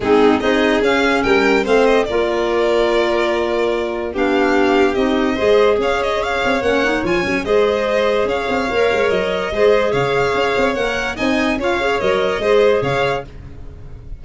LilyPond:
<<
  \new Staff \with { instrumentName = "violin" } { \time 4/4 \tempo 4 = 145 gis'4 dis''4 f''4 g''4 | f''8 dis''8 d''2.~ | d''2 f''2 | dis''2 f''8 dis''8 f''4 |
fis''4 gis''4 dis''2 | f''2 dis''2 | f''2 fis''4 gis''4 | f''4 dis''2 f''4 | }
  \new Staff \with { instrumentName = "violin" } { \time 4/4 dis'4 gis'2 ais'4 | c''4 ais'2.~ | ais'2 g'2~ | g'4 c''4 cis''2~ |
cis''2 c''2 | cis''2. c''4 | cis''2. dis''4 | cis''2 c''4 cis''4 | }
  \new Staff \with { instrumentName = "clarinet" } { \time 4/4 c'4 dis'4 cis'2 | c'4 f'2.~ | f'2 d'2 | dis'4 gis'2. |
cis'8 dis'8 f'8 cis'8 gis'2~ | gis'4 ais'2 gis'4~ | gis'2 ais'4 dis'4 | f'8 gis'8 ais'4 gis'2 | }
  \new Staff \with { instrumentName = "tuba" } { \time 4/4 gis4 c'4 cis'4 g4 | a4 ais2.~ | ais2 b2 | c'4 gis4 cis'4. c'8 |
ais4 f8 fis8 gis2 | cis'8 c'8 ais8 gis8 fis4 gis4 | cis4 cis'8 c'8 ais4 c'4 | cis'4 fis4 gis4 cis4 | }
>>